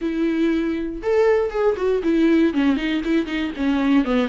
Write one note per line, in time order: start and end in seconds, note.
0.01 1.02 E4
1.02 1.50 A4
1.50 1.75 G#4
1.76 2.02 F#4
2.03 2.53 E4
2.53 2.76 C#4
2.76 3.01 D#4
3.04 3.25 E4
3.25 3.51 D#4
3.56 4.04 C#4
4.04 4.28 B3